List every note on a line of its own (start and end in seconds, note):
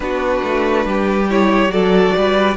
0.00 0.41 B3
0.00 1.26 D4
0.00 0.87 F#4
0.00 1.27 B4
0.43 0.85 A3
0.85 1.67 G3
0.85 1.72 G4
1.29 1.69 E4
1.29 1.71 C#5
1.67 2.10 F#3
1.67 2.54 F#4
1.67 2.15 A4
1.67 2.56 D5
2.16 2.56 G3
2.16 2.56 B4